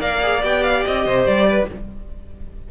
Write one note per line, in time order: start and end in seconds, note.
0.00 0.43 A#3
0.00 0.21 A#4
0.00 1.06 D5
0.00 0.43 F5
0.22 0.42 G#4
0.42 0.85 B3
0.42 1.69 G4
0.42 0.63 G5
0.63 0.84 F5
0.86 1.06 C4
0.86 1.26 D#5
1.06 1.27 C3
1.06 1.48 C5
1.26 1.69 G3
1.26 1.68 D5
1.50 1.71 B4